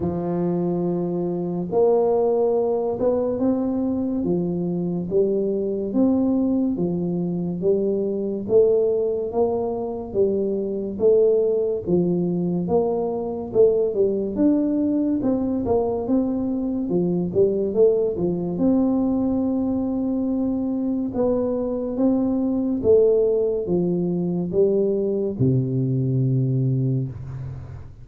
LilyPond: \new Staff \with { instrumentName = "tuba" } { \time 4/4 \tempo 4 = 71 f2 ais4. b8 | c'4 f4 g4 c'4 | f4 g4 a4 ais4 | g4 a4 f4 ais4 |
a8 g8 d'4 c'8 ais8 c'4 | f8 g8 a8 f8 c'2~ | c'4 b4 c'4 a4 | f4 g4 c2 | }